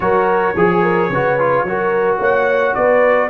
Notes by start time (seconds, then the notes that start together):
0.00 F#3 F#4 A#4 C#5
0.55 F3 G#4
0.82 A#4
1.09 C#3 F#4 B4
1.39 F4
1.63 F#3 F#4 A#4
2.19 A#3 C#5 F#5
2.74 B3 B4 D5